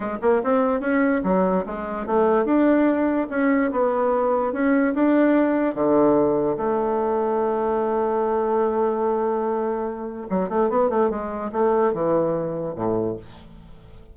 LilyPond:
\new Staff \with { instrumentName = "bassoon" } { \time 4/4 \tempo 4 = 146 gis8 ais8 c'4 cis'4 fis4 | gis4 a4 d'2 | cis'4 b2 cis'4 | d'2 d2 |
a1~ | a1~ | a4 fis8 a8 b8 a8 gis4 | a4 e2 a,4 | }